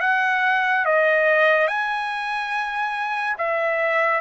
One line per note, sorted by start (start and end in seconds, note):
0.00 0.85 F#5
0.85 1.67 D#5
1.67 3.36 G#5
3.38 4.20 E5